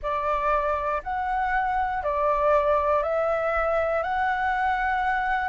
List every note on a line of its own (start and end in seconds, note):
0.02 1.02 D5
1.03 2.03 F#5
2.03 3.02 D5
3.02 4.02 E5
4.03 5.48 F#5